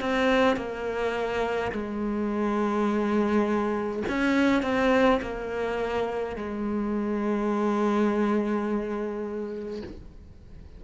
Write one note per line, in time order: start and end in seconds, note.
0.00 0.56 C4
0.56 1.72 A#3
1.72 4.02 G#3
4.09 4.62 C#4
4.62 5.20 C4
5.21 6.36 A#3
6.36 9.82 G#3